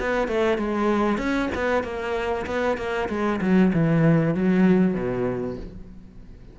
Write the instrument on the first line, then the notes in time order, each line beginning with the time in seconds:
cello
0.00 B3
0.28 A3
0.58 G#3
1.18 C#4
1.55 B3
1.84 A#3
2.47 B3
2.78 A#3
3.09 G#3
3.41 F#3
3.74 E3
4.35 F#3
4.94 B2